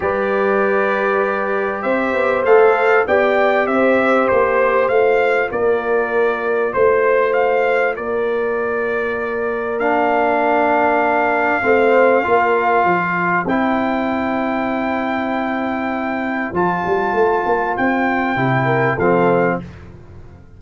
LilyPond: <<
  \new Staff \with { instrumentName = "trumpet" } { \time 4/4 \tempo 4 = 98 d''2. e''4 | f''4 g''4 e''4 c''4 | f''4 d''2 c''4 | f''4 d''2. |
f''1~ | f''2 g''2~ | g''2. a''4~ | a''4 g''2 f''4 | }
  \new Staff \with { instrumentName = "horn" } { \time 4/4 b'2. c''4~ | c''4 d''4 c''2~ | c''4 ais'2 c''4~ | c''4 ais'2.~ |
ais'2. c''4 | ais'4 c''2.~ | c''1~ | c''2~ c''8 ais'8 a'4 | }
  \new Staff \with { instrumentName = "trombone" } { \time 4/4 g'1 | a'4 g'2. | f'1~ | f'1 |
d'2. c'4 | f'2 e'2~ | e'2. f'4~ | f'2 e'4 c'4 | }
  \new Staff \with { instrumentName = "tuba" } { \time 4/4 g2. c'8 b8 | a4 b4 c'4 ais4 | a4 ais2 a4~ | a4 ais2.~ |
ais2. a4 | ais4 f4 c'2~ | c'2. f8 g8 | a8 ais8 c'4 c4 f4 | }
>>